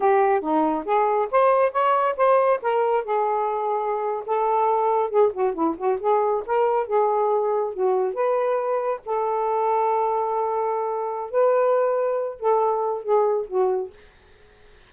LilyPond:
\new Staff \with { instrumentName = "saxophone" } { \time 4/4 \tempo 4 = 138 g'4 dis'4 gis'4 c''4 | cis''4 c''4 ais'4 gis'4~ | gis'4.~ gis'16 a'2 gis'16~ | gis'16 fis'8 e'8 fis'8 gis'4 ais'4 gis'16~ |
gis'4.~ gis'16 fis'4 b'4~ b'16~ | b'8. a'2.~ a'16~ | a'2 b'2~ | b'8 a'4. gis'4 fis'4 | }